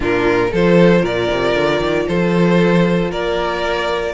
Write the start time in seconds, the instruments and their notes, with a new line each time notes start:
0.00 cello A#2, viola D4, violin F4 A#4
0.51 cello F3, viola F4, violin A4 C5
1.01 cello A#2, violin A#4 D5
1.29 cello C3
1.54 cello D3
1.80 cello D#3
2.07 cello F3, violin A4 C5
3.10 cello A#3, violin A#4 D5